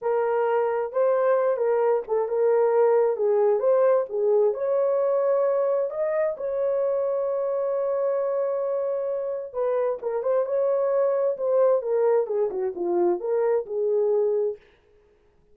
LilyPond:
\new Staff \with { instrumentName = "horn" } { \time 4/4 \tempo 4 = 132 ais'2 c''4. ais'8~ | ais'8 a'8 ais'2 gis'4 | c''4 gis'4 cis''2~ | cis''4 dis''4 cis''2~ |
cis''1~ | cis''4 b'4 ais'8 c''8 cis''4~ | cis''4 c''4 ais'4 gis'8 fis'8 | f'4 ais'4 gis'2 | }